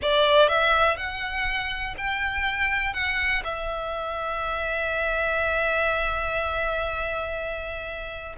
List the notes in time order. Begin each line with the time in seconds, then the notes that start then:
0.02 D5
0.48 E5
0.96 F#5
1.97 G5
2.93 F#5
3.44 E5